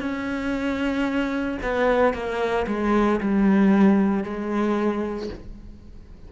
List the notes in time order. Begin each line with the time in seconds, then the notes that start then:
0.00 C#4
1.62 B3
2.13 A#3
2.67 G#3
3.20 G3
4.23 G#3